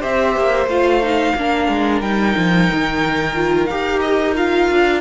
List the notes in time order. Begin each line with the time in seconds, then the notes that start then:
0.00 C4 G4 C5 E5
0.36 A#3
0.66 A3 F4 F5
1.02 D#4
1.36 A#3 D4 A#4
1.68 G#3
2.01 G3 D#4 G5
2.37 F3
2.72 D#3
3.35 F4
3.66 D#4 G4 F5
4.01 D#5
4.35 F4 F5
4.71 D4